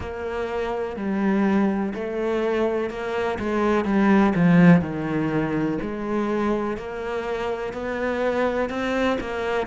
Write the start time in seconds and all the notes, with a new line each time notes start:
0.00 A#3
0.96 G3
1.94 A3
2.90 A#3
3.39 G#3
3.84 G3
4.35 F3
4.81 D#3
5.81 G#3
6.77 A#3
7.73 B3
8.69 C4
9.20 A#3